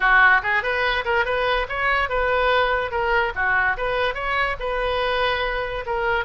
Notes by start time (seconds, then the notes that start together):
0.00 F#4
0.42 G#4
0.62 B4
1.04 A#4
1.25 B4
1.69 C#5
2.09 B4
2.91 A#4
3.35 F#4
3.77 B4
4.14 C#5
4.59 B4
5.86 A#4